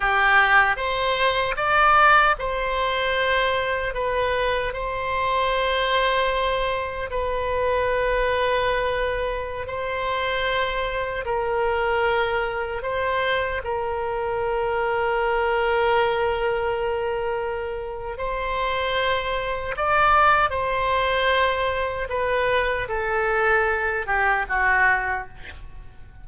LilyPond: \new Staff \with { instrumentName = "oboe" } { \time 4/4 \tempo 4 = 76 g'4 c''4 d''4 c''4~ | c''4 b'4 c''2~ | c''4 b'2.~ | b'16 c''2 ais'4.~ ais'16~ |
ais'16 c''4 ais'2~ ais'8.~ | ais'2. c''4~ | c''4 d''4 c''2 | b'4 a'4. g'8 fis'4 | }